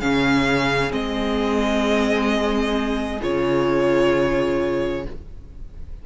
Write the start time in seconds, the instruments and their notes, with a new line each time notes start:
0.00 cello C#3, viola C#4, violin G#4 F5
0.90 cello G#3, viola C4, violin D#5
3.21 cello C#3, viola F4, violin C#5